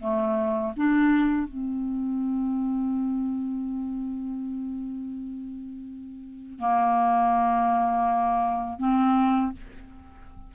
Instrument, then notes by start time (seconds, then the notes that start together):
clarinet
0.00 A3
0.76 D4
1.47 C4
6.59 A#3
8.79 C4